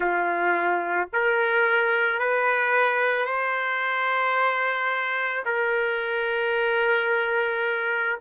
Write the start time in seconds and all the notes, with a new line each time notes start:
0.00 F4
1.12 A#4
2.19 B4
3.25 C5
5.45 A#4